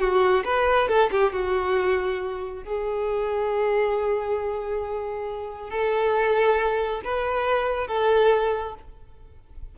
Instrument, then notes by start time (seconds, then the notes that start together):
violin
0.00 F#4
0.45 B4
0.88 A4
1.11 G4
1.32 F#4
2.64 G#4
5.70 A4
7.04 B4
7.87 A4